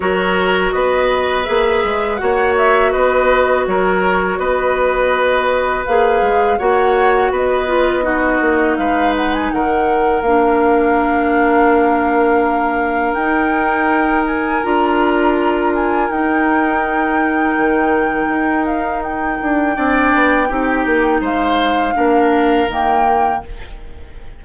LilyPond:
<<
  \new Staff \with { instrumentName = "flute" } { \time 4/4 \tempo 4 = 82 cis''4 dis''4 e''4 fis''8 e''8 | dis''4 cis''4 dis''2 | f''4 fis''4 dis''2 | f''8 fis''16 gis''16 fis''4 f''2~ |
f''2 g''4. gis''8 | ais''4. gis''8 g''2~ | g''4. f''8 g''2~ | g''4 f''2 g''4 | }
  \new Staff \with { instrumentName = "oboe" } { \time 4/4 ais'4 b'2 cis''4 | b'4 ais'4 b'2~ | b'4 cis''4 b'4 fis'4 | b'4 ais'2.~ |
ais'1~ | ais'1~ | ais'2. d''4 | g'4 c''4 ais'2 | }
  \new Staff \with { instrumentName = "clarinet" } { \time 4/4 fis'2 gis'4 fis'4~ | fis'1 | gis'4 fis'4. f'8 dis'4~ | dis'2 d'2~ |
d'2 dis'2 | f'2 dis'2~ | dis'2. d'4 | dis'2 d'4 ais4 | }
  \new Staff \with { instrumentName = "bassoon" } { \time 4/4 fis4 b4 ais8 gis8 ais4 | b4 fis4 b2 | ais8 gis8 ais4 b4. ais8 | gis4 dis4 ais2~ |
ais2 dis'2 | d'2 dis'2 | dis4 dis'4. d'8 c'8 b8 | c'8 ais8 gis4 ais4 dis4 | }
>>